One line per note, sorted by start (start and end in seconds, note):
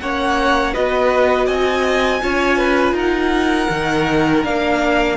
0.00 0.75 A#3
0.00 0.74 C#4
0.00 0.73 C#5
0.00 0.74 F#5
0.73 1.47 B3
0.73 2.21 F#4
0.73 1.46 B4
0.73 1.47 D#5
1.46 2.21 C4
1.46 2.20 D#5
1.46 2.95 G#5
2.21 2.92 C#4
2.21 3.69 F4
2.21 2.58 C#5
2.58 2.94 B4
2.92 3.66 D#4
2.92 5.16 A#4
2.92 4.44 F#5
3.69 4.44 D#3
3.69 4.43 D#4
4.43 5.17 A#3
4.43 5.17 D4
4.43 5.17 F5